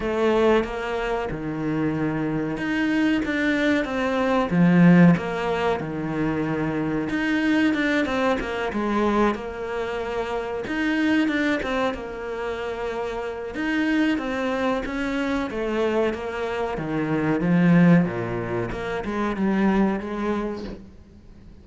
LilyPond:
\new Staff \with { instrumentName = "cello" } { \time 4/4 \tempo 4 = 93 a4 ais4 dis2 | dis'4 d'4 c'4 f4 | ais4 dis2 dis'4 | d'8 c'8 ais8 gis4 ais4.~ |
ais8 dis'4 d'8 c'8 ais4.~ | ais4 dis'4 c'4 cis'4 | a4 ais4 dis4 f4 | ais,4 ais8 gis8 g4 gis4 | }